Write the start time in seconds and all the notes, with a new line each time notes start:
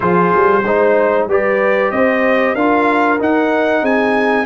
0.00 F3 F4 G#4 C5
0.35 G3
0.63 G#3 D#4 C5
1.26 G3 G4 B4 D5
1.91 C4 C5 D#5
2.54 D4 F4 A#4 F5
3.18 D#4 F#5
3.81 C4 G#4 G#5